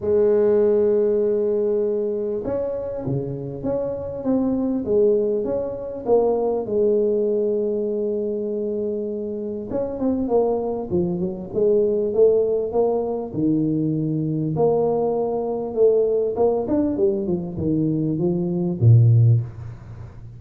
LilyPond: \new Staff \with { instrumentName = "tuba" } { \time 4/4 \tempo 4 = 99 gis1 | cis'4 cis4 cis'4 c'4 | gis4 cis'4 ais4 gis4~ | gis1 |
cis'8 c'8 ais4 f8 fis8 gis4 | a4 ais4 dis2 | ais2 a4 ais8 d'8 | g8 f8 dis4 f4 ais,4 | }